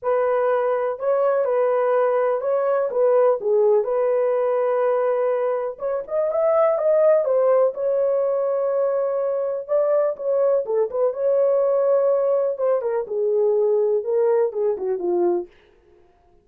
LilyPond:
\new Staff \with { instrumentName = "horn" } { \time 4/4 \tempo 4 = 124 b'2 cis''4 b'4~ | b'4 cis''4 b'4 gis'4 | b'1 | cis''8 dis''8 e''4 dis''4 c''4 |
cis''1 | d''4 cis''4 a'8 b'8 cis''4~ | cis''2 c''8 ais'8 gis'4~ | gis'4 ais'4 gis'8 fis'8 f'4 | }